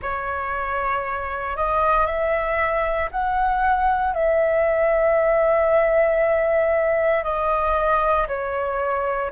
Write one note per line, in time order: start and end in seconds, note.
0.01 1.56 C#5
1.56 2.06 D#5
2.06 3.09 E5
3.11 4.13 F#5
4.13 7.23 E5
7.23 8.27 D#5
8.27 9.31 C#5